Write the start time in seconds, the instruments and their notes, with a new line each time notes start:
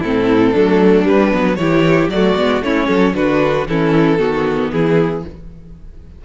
0.00 cello A2, viola C4, violin E4 A4
0.52 cello F#3, viola A3, violin D4
1.04 viola G3, cello G3, violin B4
1.31 cello F#3, viola B3
1.56 cello E3, viola E4, violin G4 C#5
2.08 cello F#3, viola A3, violin D5
2.14 violin F#4
2.36 cello G#3, viola B3
2.61 cello A3, viola C#4, violin E4 C#5
2.87 cello F#3, violin A4
3.15 cello D3, viola D4, violin F#4 B4
3.67 cello E3, viola C#4, violin E4 A4
4.18 cello D#3, viola B3, violin F#4
4.71 cello E3, violin E4 G#4